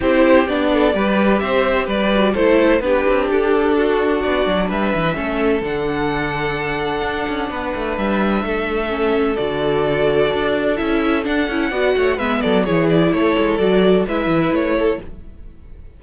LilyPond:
<<
  \new Staff \with { instrumentName = "violin" } { \time 4/4 \tempo 4 = 128 c''4 d''2 e''4 | d''4 c''4 b'4 a'4~ | a'4 d''4 e''2 | fis''1~ |
fis''4 e''2. | d''2. e''4 | fis''2 e''8 d''8 cis''8 d''8 | cis''4 d''4 e''4 cis''4 | }
  \new Staff \with { instrumentName = "violin" } { \time 4/4 g'4. a'8 b'4 c''4 | b'4 a'4 g'2 | fis'2 b'4 a'4~ | a'1 |
b'2 a'2~ | a'1~ | a'4 d''8 cis''8 b'8 a'8 gis'4 | a'2 b'4. a'8 | }
  \new Staff \with { instrumentName = "viola" } { \time 4/4 e'4 d'4 g'2~ | g'8 fis'8 e'4 d'2~ | d'2. cis'4 | d'1~ |
d'2. cis'4 | fis'2. e'4 | d'8 e'8 fis'4 b4 e'4~ | e'4 fis'4 e'2 | }
  \new Staff \with { instrumentName = "cello" } { \time 4/4 c'4 b4 g4 c'4 | g4 a4 b8 c'8 d'4~ | d'4 b8 fis8 g8 e8 a4 | d2. d'8 cis'8 |
b8 a8 g4 a2 | d2 d'4 cis'4 | d'8 cis'8 b8 a8 gis8 fis8 e4 | a8 gis8 fis4 gis8 e8 a4 | }
>>